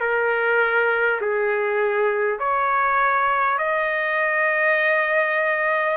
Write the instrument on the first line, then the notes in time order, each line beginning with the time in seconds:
trumpet
0.00 A#4
1.21 G#4
2.39 C#5
3.58 D#5